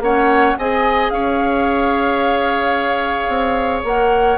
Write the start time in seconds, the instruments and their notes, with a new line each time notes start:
0.00 bassoon A#3, clarinet C#4, oboe C#5, flute F#5
0.58 bassoon C4, clarinet G#4, oboe D#5, flute G#5
1.11 bassoon C#4, oboe C#5, flute F5
3.28 bassoon C4
3.84 bassoon A#3, clarinet A#4, flute F#5